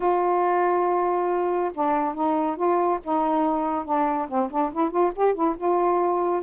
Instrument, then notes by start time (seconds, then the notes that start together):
saxophone
0.00 F4
1.74 D4
2.14 D#4
2.56 F4
3.03 D#4
3.85 D4
4.28 C4
4.50 D4
4.72 E4
4.90 F4
5.15 G4
5.34 E4
5.57 F4